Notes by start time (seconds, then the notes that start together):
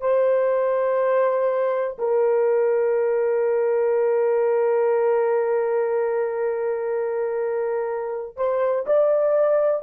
0.00 C5
1.98 A#4
8.36 C5
8.86 D5